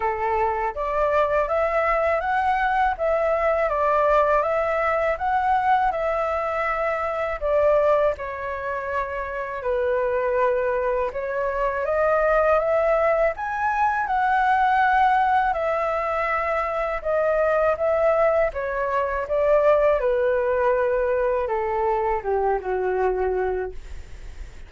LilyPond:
\new Staff \with { instrumentName = "flute" } { \time 4/4 \tempo 4 = 81 a'4 d''4 e''4 fis''4 | e''4 d''4 e''4 fis''4 | e''2 d''4 cis''4~ | cis''4 b'2 cis''4 |
dis''4 e''4 gis''4 fis''4~ | fis''4 e''2 dis''4 | e''4 cis''4 d''4 b'4~ | b'4 a'4 g'8 fis'4. | }